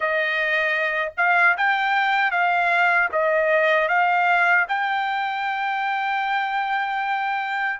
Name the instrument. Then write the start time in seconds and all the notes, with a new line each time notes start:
trumpet
0.00 D#5
1.17 F5
1.57 G5
2.31 F5
3.12 D#5
3.88 F5
4.68 G5